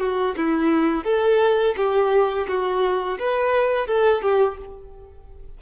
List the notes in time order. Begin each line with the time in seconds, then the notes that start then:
0.00 F#4
0.38 E4
1.05 A4
1.77 G4
2.48 F#4
3.19 B4
3.87 A4
4.23 G4